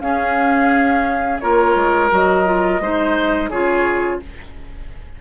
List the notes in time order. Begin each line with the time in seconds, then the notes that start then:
0.00 C#4 G#4 F5
1.40 A#3 F4 A#4 C#5
1.75 G#3
2.10 F#3 F#4 D#5
2.45 F4
2.80 G#3 D#4 C5
3.50 C#3 F4 G#4 C#5